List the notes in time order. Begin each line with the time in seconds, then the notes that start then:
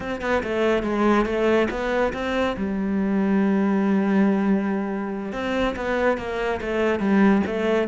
0.00 C4
0.21 B3
0.43 A3
0.83 G#3
1.25 A3
1.70 B3
2.13 C4
2.56 G3
5.32 C4
5.76 B3
6.17 A#3
6.61 A3
6.99 G3
7.46 A3